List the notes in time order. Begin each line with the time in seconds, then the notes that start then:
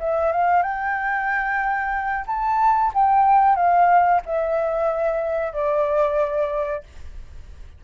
0.00 E5
0.32 F5
0.63 G5
2.27 A5
2.94 G5
3.56 F5
4.26 E5
5.53 D5